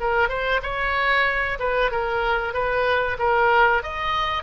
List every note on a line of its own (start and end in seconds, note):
0.00 0.29 A#4
0.29 0.61 C5
0.62 1.58 C#5
1.59 1.91 B4
1.91 2.53 A#4
2.53 3.17 B4
3.19 3.82 A#4
3.83 4.43 D#5